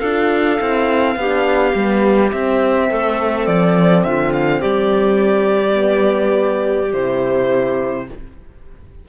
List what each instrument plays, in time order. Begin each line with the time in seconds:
0.00 cello D4, horn F4, clarinet A4, violin F5
0.59 cello C4, horn E4
1.16 cello B3, horn D4, clarinet G4
1.75 cello G3, horn B3
2.32 cello C4, horn C4, violin E5
2.90 cello A3, clarinet A4
3.47 cello F3, violin D5
4.04 cello D3, clarinet F4, violin E5
4.33 violin F5
4.61 cello G3, clarinet G4, violin D5
5.73 horn B3
6.93 cello C3, horn E4, violin C5